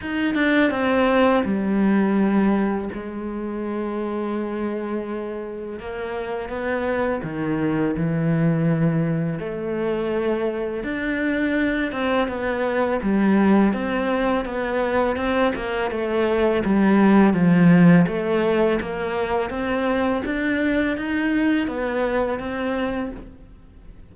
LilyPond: \new Staff \with { instrumentName = "cello" } { \time 4/4 \tempo 4 = 83 dis'8 d'8 c'4 g2 | gis1 | ais4 b4 dis4 e4~ | e4 a2 d'4~ |
d'8 c'8 b4 g4 c'4 | b4 c'8 ais8 a4 g4 | f4 a4 ais4 c'4 | d'4 dis'4 b4 c'4 | }